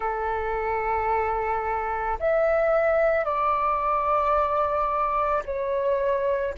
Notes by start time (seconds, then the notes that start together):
0.00 A4
2.19 E5
3.24 D5
5.45 C#5